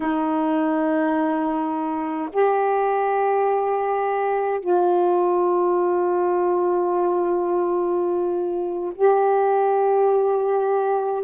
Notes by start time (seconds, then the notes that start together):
0.00 D#4
2.32 G4
4.60 F4
8.94 G4